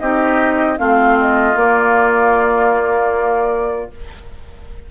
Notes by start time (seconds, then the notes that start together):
0.00 C4 D#4 G4 D#5
0.77 A3 C4 F4 F5
1.21 D#5
1.56 A#3 D5